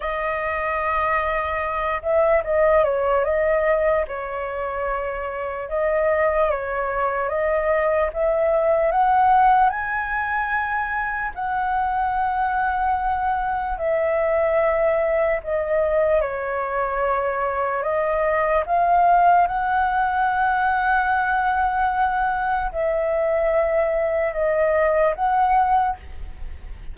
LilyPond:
\new Staff \with { instrumentName = "flute" } { \time 4/4 \tempo 4 = 74 dis''2~ dis''8 e''8 dis''8 cis''8 | dis''4 cis''2 dis''4 | cis''4 dis''4 e''4 fis''4 | gis''2 fis''2~ |
fis''4 e''2 dis''4 | cis''2 dis''4 f''4 | fis''1 | e''2 dis''4 fis''4 | }